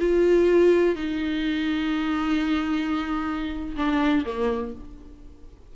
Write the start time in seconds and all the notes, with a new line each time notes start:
0.00 F4
0.95 D#4
3.76 D4
4.25 A#3